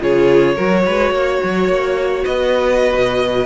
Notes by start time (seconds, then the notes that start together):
0.00 C#3 F4 G#4 C#5
0.55 F#3 F#4 A#4
0.85 G#3 B4
1.11 A#3 C#5
1.43 F#3
1.68 A#3
2.23 B3 B4 D#5
2.93 B2